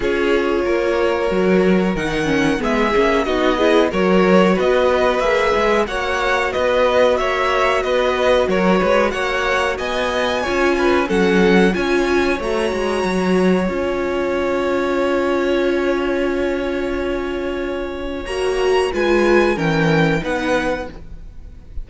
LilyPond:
<<
  \new Staff \with { instrumentName = "violin" } { \time 4/4 \tempo 4 = 92 cis''2. fis''4 | e''4 dis''4 cis''4 dis''4 | e''4 fis''4 dis''4 e''4 | dis''4 cis''4 fis''4 gis''4~ |
gis''4 fis''4 gis''4 ais''4~ | ais''4 gis''2.~ | gis''1 | ais''4 gis''4 g''4 fis''4 | }
  \new Staff \with { instrumentName = "violin" } { \time 4/4 gis'4 ais'2. | gis'4 fis'8 gis'8 ais'4 b'4~ | b'4 cis''4 b'4 cis''4 | b'4 ais'8 b'8 cis''4 dis''4 |
cis''8 b'8 a'4 cis''2~ | cis''1~ | cis''1~ | cis''4 b'4 ais'4 b'4 | }
  \new Staff \with { instrumentName = "viola" } { \time 4/4 f'2 fis'4 dis'8 cis'8 | b8 cis'8 dis'8 e'8 fis'2 | gis'4 fis'2.~ | fis'1 |
f'4 cis'4 f'4 fis'4~ | fis'4 f'2.~ | f'1 | fis'4 f'4 cis'4 dis'4 | }
  \new Staff \with { instrumentName = "cello" } { \time 4/4 cis'4 ais4 fis4 dis4 | gis8 ais8 b4 fis4 b4 | ais8 gis8 ais4 b4 ais4 | b4 fis8 gis8 ais4 b4 |
cis'4 fis4 cis'4 a8 gis8 | fis4 cis'2.~ | cis'1 | ais4 gis4 e4 b4 | }
>>